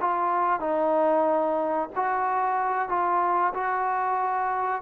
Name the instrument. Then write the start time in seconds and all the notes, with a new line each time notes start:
trombone
0.00 F4
0.60 D#4
1.95 F#4
2.89 F4
3.54 F#4